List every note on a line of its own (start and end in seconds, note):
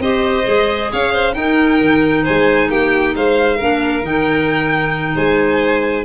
0.00 0.45 C4
0.00 0.45 G4
0.00 0.92 C5
0.00 0.92 D#5
0.45 0.93 G#3
0.45 1.34 G#4
0.92 1.37 C#4
0.92 1.13 C#5
0.92 1.34 F5
1.13 1.36 C5
1.34 3.57 D#4
1.34 1.81 D#4
1.34 2.24 A#4
1.34 2.24 G5
1.81 2.26 D#3
2.24 2.71 G#3
2.24 2.69 C5
2.24 2.71 G#5
2.70 3.15 A#3
2.70 3.15 G4
2.70 3.15 G5
3.16 3.61 G#3
3.16 3.57 C5
3.16 4.06 F5
3.57 4.03 A#3
3.57 4.03 D4
3.57 5.14 A#4
4.03 5.15 D#3
4.03 6.05 D#4
4.03 5.17 G5
5.15 6.05 G#3
5.15 6.05 C5
5.15 6.05 G#5